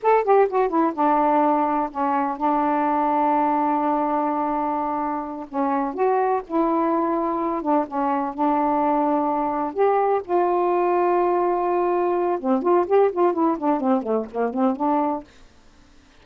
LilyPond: \new Staff \with { instrumentName = "saxophone" } { \time 4/4 \tempo 4 = 126 a'8 g'8 fis'8 e'8 d'2 | cis'4 d'2.~ | d'2.~ d'8 cis'8~ | cis'8 fis'4 e'2~ e'8 |
d'8 cis'4 d'2~ d'8~ | d'8 g'4 f'2~ f'8~ | f'2 c'8 f'8 g'8 f'8 | e'8 d'8 c'8 a8 ais8 c'8 d'4 | }